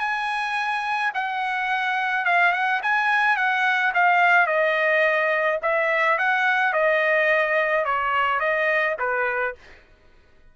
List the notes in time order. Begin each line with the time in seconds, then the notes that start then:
0.00 G#5
1.15 F#5
2.26 F5
2.53 F#5
2.83 G#5
3.37 F#5
3.95 F5
4.47 D#5
5.63 E5
6.19 F#5
6.73 D#5
7.85 C#5
8.40 D#5
8.99 B4